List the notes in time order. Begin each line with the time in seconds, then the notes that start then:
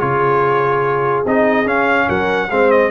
0.00 C#3 F4 G#4 C#5
1.26 C4 D#4 D#5
1.66 C#4 F5
2.08 F#3 A#4 F#5
2.51 G#3 C4 C5 F5
2.71 D#5